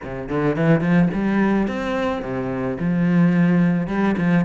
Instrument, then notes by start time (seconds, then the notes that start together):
cello
0.03 C3
0.28 D3
0.56 E3
0.81 F3
1.13 G3
1.67 C4
2.21 C3
2.79 F3
3.87 G3
4.17 F3